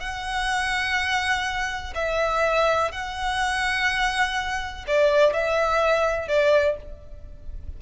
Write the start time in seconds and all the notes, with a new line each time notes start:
0.00 F#5
1.95 E5
2.92 F#5
4.87 D5
5.33 E5
6.28 D5